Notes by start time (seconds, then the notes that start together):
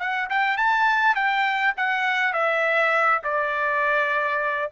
0.00 F#5
0.30 G5
0.57 A5
1.16 G5
1.77 F#5
2.33 E5
3.24 D5